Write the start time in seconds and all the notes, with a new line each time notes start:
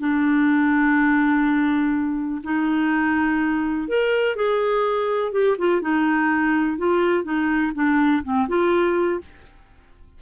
0.00 D4
2.44 D#4
3.88 A#4
4.36 G#4
5.32 G4
5.58 F4
5.82 D#4
6.78 F4
7.24 D#4
7.75 D4
8.24 C4
8.48 F4